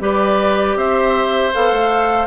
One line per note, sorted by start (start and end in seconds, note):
0.00 0.76 G3
0.00 1.52 G4
0.00 0.77 B4
0.00 0.77 D5
0.76 1.52 C4
0.76 2.27 C5
0.76 1.53 E5
1.53 1.72 B3
1.53 2.27 A4
1.53 2.27 F5
1.72 2.27 A3